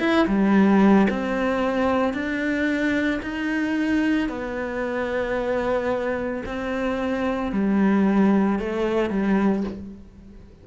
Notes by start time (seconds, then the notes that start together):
0.00 E4
0.28 G3
1.11 C4
2.14 D4
3.23 D#4
4.29 B3
6.46 C4
7.52 G3
8.60 A3
9.10 G3